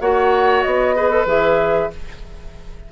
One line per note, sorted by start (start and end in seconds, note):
0.00 0.63 A#3
0.00 0.96 F#4
0.00 0.95 C#5
0.00 0.62 F#5
0.62 1.26 B3
0.62 1.25 D#5
0.96 1.10 G#4
0.96 1.90 B4
1.10 1.26 A4
1.26 1.89 E3
1.26 1.90 G#4
1.26 1.92 E5